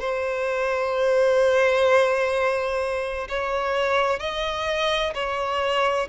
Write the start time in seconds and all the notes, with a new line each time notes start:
0.00 C5
3.29 C#5
4.20 D#5
5.14 C#5